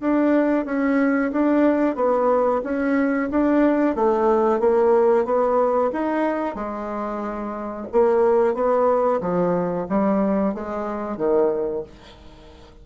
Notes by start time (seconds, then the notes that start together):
0.00 D4
0.65 C#4
1.32 D4
1.95 B3
2.63 C#4
3.30 D4
3.95 A3
4.59 A#3
5.24 B3
5.92 D#4
6.55 G#3
7.92 A#3
8.54 B3
9.20 F3
9.89 G3
10.54 G#3
11.17 D#3